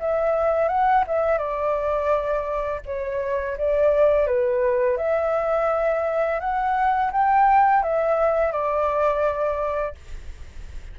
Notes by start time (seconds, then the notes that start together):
0.00 E5
0.69 F#5
1.07 E5
1.38 D5
2.86 C#5
3.58 D5
4.27 B4
4.98 E5
6.40 F#5
7.12 G5
7.83 E5
8.52 D5